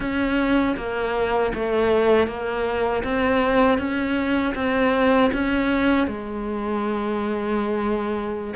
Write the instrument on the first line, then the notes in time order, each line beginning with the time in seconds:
cello
0.00 C#4
0.76 A#3
1.54 A3
2.27 A#3
3.03 C4
3.78 C#4
4.54 C4
5.33 C#4
6.07 G#3